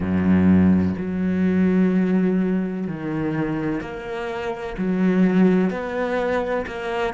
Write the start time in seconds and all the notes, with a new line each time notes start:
0.00 F#2
0.97 F#3
2.87 D#3
3.81 A#3
4.77 F#3
5.70 B3
6.67 A#3